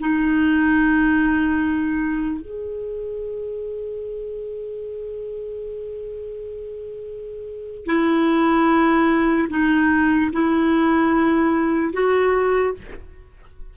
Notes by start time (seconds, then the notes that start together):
0.00 D#4
2.41 G#4
7.86 E4
9.49 D#4
10.32 E4
11.93 F#4